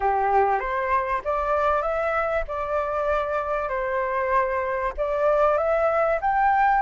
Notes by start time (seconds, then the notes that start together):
0.00 G4
0.59 C5
1.24 D5
1.82 E5
2.47 D5
3.69 C5
4.97 D5
5.57 E5
6.21 G5